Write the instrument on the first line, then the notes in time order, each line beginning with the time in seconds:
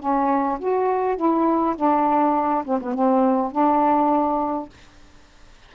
saxophone
0.00 C#4
0.59 F#4
1.17 E4
1.76 D4
2.65 C4
2.82 B3
2.94 C4
3.52 D4